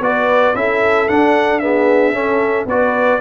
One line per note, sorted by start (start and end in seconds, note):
0.00 0.53 B3
0.00 0.55 F#4
0.00 0.57 B4
0.00 0.55 D5
0.55 1.08 C#4
0.55 1.08 E4
0.55 1.62 A4
0.55 1.08 E5
1.08 1.61 D4
1.08 2.12 D4
1.08 1.59 F#5
1.59 2.13 B3
1.59 2.14 G#4
1.59 2.65 E5
2.12 2.65 C#4
2.12 2.66 C#4
2.12 2.67 A4
2.66 3.19 B3
2.66 3.20 F#4
2.66 3.20 B4
2.66 3.20 D5